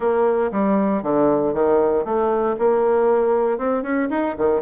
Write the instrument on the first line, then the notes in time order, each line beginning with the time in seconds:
bassoon
0.00 A#3
0.51 G3
1.03 D3
1.53 D#3
2.04 A3
2.58 A#3
3.58 C4
3.82 C#4
4.10 D#4
4.37 D#3